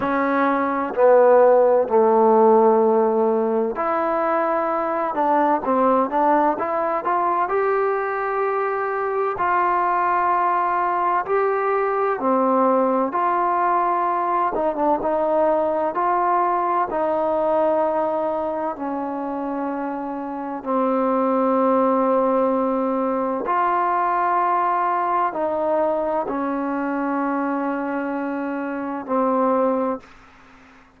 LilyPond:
\new Staff \with { instrumentName = "trombone" } { \time 4/4 \tempo 4 = 64 cis'4 b4 a2 | e'4. d'8 c'8 d'8 e'8 f'8 | g'2 f'2 | g'4 c'4 f'4. dis'16 d'16 |
dis'4 f'4 dis'2 | cis'2 c'2~ | c'4 f'2 dis'4 | cis'2. c'4 | }